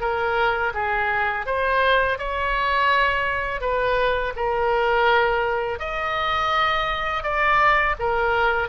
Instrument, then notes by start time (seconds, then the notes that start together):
oboe
0.00 A#4
0.74 G#4
1.46 C5
2.18 C#5
3.60 B4
4.36 A#4
5.79 D#5
7.23 D5
7.99 A#4